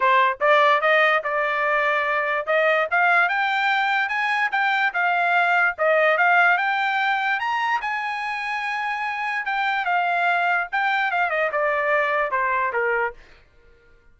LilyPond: \new Staff \with { instrumentName = "trumpet" } { \time 4/4 \tempo 4 = 146 c''4 d''4 dis''4 d''4~ | d''2 dis''4 f''4 | g''2 gis''4 g''4 | f''2 dis''4 f''4 |
g''2 ais''4 gis''4~ | gis''2. g''4 | f''2 g''4 f''8 dis''8 | d''2 c''4 ais'4 | }